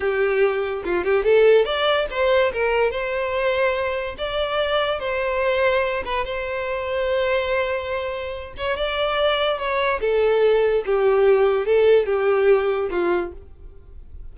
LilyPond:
\new Staff \with { instrumentName = "violin" } { \time 4/4 \tempo 4 = 144 g'2 f'8 g'8 a'4 | d''4 c''4 ais'4 c''4~ | c''2 d''2 | c''2~ c''8 b'8 c''4~ |
c''1~ | c''8 cis''8 d''2 cis''4 | a'2 g'2 | a'4 g'2 f'4 | }